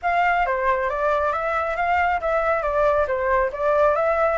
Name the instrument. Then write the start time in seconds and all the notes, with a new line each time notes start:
flute
0.02 F5
0.46 C5
0.89 D5
1.32 E5
1.76 F5
2.20 E5
2.62 D5
3.07 C5
3.52 D5
3.95 E5